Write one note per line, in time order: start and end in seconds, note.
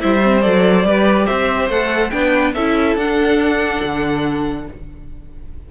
0.00 0.46 G3
0.00 0.21 E4
0.00 0.87 C5
0.00 0.42 E5
0.23 0.43 C4
0.42 0.84 F#3
0.42 0.85 A4
0.42 1.27 D5
0.84 1.27 G3
0.84 1.71 G4
0.84 1.27 B4
1.27 1.69 C4
1.27 2.12 C5
1.27 1.70 E5
1.69 2.12 A3
1.69 2.12 A4
1.69 2.11 F#5
2.11 2.55 B3
2.11 2.54 D4
2.11 2.55 B4
2.11 2.53 G5
2.55 2.96 C#4
2.55 3.00 E4
2.55 4.68 A4
2.55 2.97 E5
2.96 3.81 D4
2.96 4.72 D4
2.96 4.68 F#5
3.83 4.69 D3